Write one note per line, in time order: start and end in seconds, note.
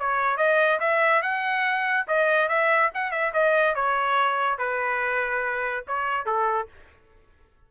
0.00 0.37 C#5
0.37 0.80 D#5
0.80 1.23 E5
1.23 2.07 F#5
2.08 2.49 D#5
2.49 2.91 E5
2.95 3.12 F#5
3.12 3.33 E5
3.34 3.75 D#5
3.75 4.58 C#5
4.58 5.85 B4
5.88 6.26 C#5
6.26 6.68 A4